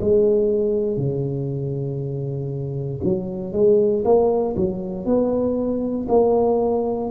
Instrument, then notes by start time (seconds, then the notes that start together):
tuba
0.00 G#3
0.97 C#3
3.03 F#3
3.52 G#3
4.04 A#3
4.56 F#3
5.05 B3
6.08 A#3